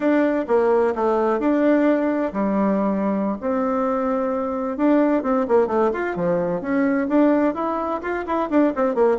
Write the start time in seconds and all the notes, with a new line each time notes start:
0.00 D4
0.47 A#3
0.95 A3
1.39 D4
2.33 G3
3.40 C4
4.77 D4
5.23 C4
5.48 A#3
5.67 A3
5.92 F4
6.15 F3
6.61 C#4
7.08 D4
7.54 E4
8.02 F4
8.26 E4
8.49 D4
8.75 C4
8.95 A#3